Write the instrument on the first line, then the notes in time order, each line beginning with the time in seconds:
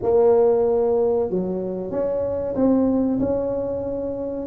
tuba
0.02 A#3
1.30 F#3
1.90 C#4
2.55 C4
3.19 C#4